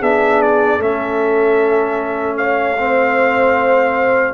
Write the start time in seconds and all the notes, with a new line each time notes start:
0.00 B3 D4 G#4 E5
0.42 D5
0.78 A3 C#4 A4 E5
2.38 C#5 F5
2.79 C4 C5